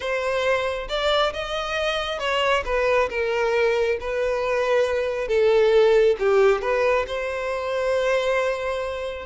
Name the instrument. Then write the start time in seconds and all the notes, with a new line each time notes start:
violin
0.00 C5
0.88 D5
1.33 D#5
2.19 C#5
2.65 B4
3.09 A#4
4.00 B4
5.28 A4
6.19 G4
6.61 B4
7.07 C5